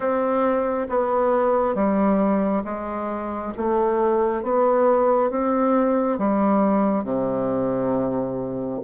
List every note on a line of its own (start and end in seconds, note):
0.00 0.87 C4
0.89 1.74 B3
1.74 2.62 G3
2.64 3.53 G#3
3.57 4.42 A3
4.42 5.30 B3
5.30 6.18 C4
6.18 7.03 G3
7.03 8.80 C3